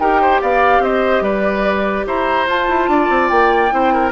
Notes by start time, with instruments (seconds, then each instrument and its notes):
0.00 bassoon D#4, clarinet G4, oboe A#4, flute G5
0.22 oboe C5
0.42 bassoon B3, oboe D5, flute F5
0.80 bassoon C4, oboe C5, flute D#5
1.21 bassoon G3, oboe B4, flute D5
2.07 bassoon E4, oboe C5, flute A#5
2.47 bassoon F4, clarinet F4, flute A5
2.69 bassoon E4
2.88 bassoon D4, oboe D5
3.10 bassoon C4
3.29 bassoon A#3, flute G5
3.71 bassoon C4, clarinet E4, oboe C5
3.94 oboe A#4